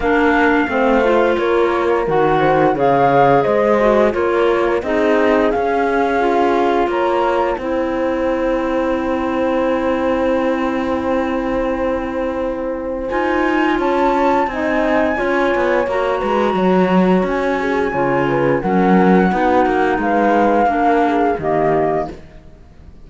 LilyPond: <<
  \new Staff \with { instrumentName = "flute" } { \time 4/4 \tempo 4 = 87 f''2 cis''4 fis''4 | f''4 dis''4 cis''4 dis''4 | f''2 ais''4 g''4~ | g''1~ |
g''2. gis''4 | a''4 gis''2 ais''4~ | ais''4 gis''2 fis''4~ | fis''4 f''2 dis''4 | }
  \new Staff \with { instrumentName = "horn" } { \time 4/4 ais'4 c''4 ais'4. c''8 | cis''4 c''4 ais'4 gis'4~ | gis'2 cis''4 c''4~ | c''1~ |
c''1 | cis''4 dis''4 cis''4. b'8 | cis''4. gis'8 cis''8 b'8 ais'4 | fis'4 b'4 ais'8 gis'8 g'4 | }
  \new Staff \with { instrumentName = "clarinet" } { \time 4/4 d'4 c'8 f'4. fis'4 | gis'4. fis'8 f'4 dis'4 | cis'4 f'2 e'4~ | e'1~ |
e'2. f'4~ | f'4 dis'4 f'4 fis'4~ | fis'2 f'4 cis'4 | dis'2 d'4 ais4 | }
  \new Staff \with { instrumentName = "cello" } { \time 4/4 ais4 a4 ais4 dis4 | cis4 gis4 ais4 c'4 | cis'2 ais4 c'4~ | c'1~ |
c'2. dis'4 | cis'4 c'4 cis'8 b8 ais8 gis8 | fis4 cis'4 cis4 fis4 | b8 ais8 gis4 ais4 dis4 | }
>>